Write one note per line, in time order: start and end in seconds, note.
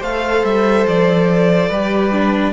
0.00 0.43 A3
0.00 1.72 A4
0.00 1.69 C5
0.00 0.45 F5
0.44 0.87 G3
0.44 0.87 E5
0.87 1.70 F3
0.87 2.53 D5
1.69 2.53 G3
1.69 2.12 G4
1.69 2.53 B4
2.12 2.53 D4